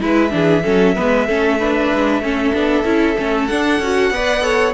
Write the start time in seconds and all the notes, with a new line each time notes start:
0.00 G#3 E4 B4 E5
0.29 E3 D4 G#4
0.64 F#3 C#4 A4
0.95 G#3 B3 B4
1.26 A3 C#4 A4
1.58 D4 B4
1.93 G#3
2.20 A3 C#4 A4
2.52 B3 D4
2.84 C#4 E4
3.17 A3 C#4
3.47 D4 F#5
3.79 C#4 F#4
4.10 B3 B4 D5
4.41 A4 C#5